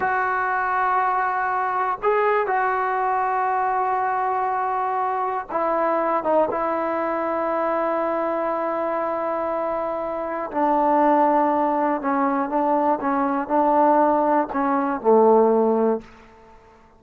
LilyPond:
\new Staff \with { instrumentName = "trombone" } { \time 4/4 \tempo 4 = 120 fis'1 | gis'4 fis'2.~ | fis'2. e'4~ | e'8 dis'8 e'2.~ |
e'1~ | e'4 d'2. | cis'4 d'4 cis'4 d'4~ | d'4 cis'4 a2 | }